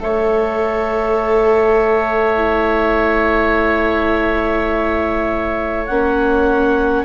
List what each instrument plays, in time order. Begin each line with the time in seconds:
0.00 bassoon A3, viola A4, oboe C#5, clarinet E5
2.37 viola E4
5.86 bassoon A#3, viola C#4, clarinet F#5